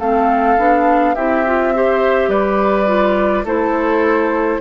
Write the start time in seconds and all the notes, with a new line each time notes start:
0.00 A3 C4 A4 F5
0.58 B3 D4
1.15 C4 E4 G4 E5
1.46 F4
1.75 G4 C5
2.29 G3 B4 D5
2.87 F4
3.45 A3 E4 A4 C5